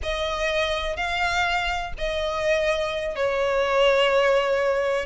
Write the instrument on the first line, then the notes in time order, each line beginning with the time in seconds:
violin
0.02 D#5
0.96 F5
1.98 D#5
3.15 C#5